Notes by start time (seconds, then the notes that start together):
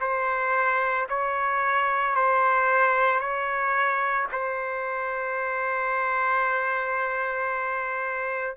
0.00 C5
1.09 C#5
2.15 C5
3.20 C#5
4.31 C5